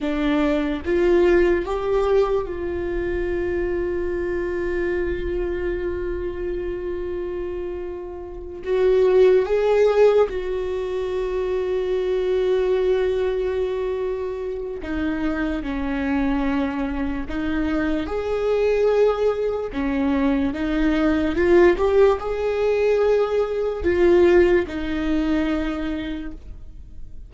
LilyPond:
\new Staff \with { instrumentName = "viola" } { \time 4/4 \tempo 4 = 73 d'4 f'4 g'4 f'4~ | f'1~ | f'2~ f'8 fis'4 gis'8~ | gis'8 fis'2.~ fis'8~ |
fis'2 dis'4 cis'4~ | cis'4 dis'4 gis'2 | cis'4 dis'4 f'8 g'8 gis'4~ | gis'4 f'4 dis'2 | }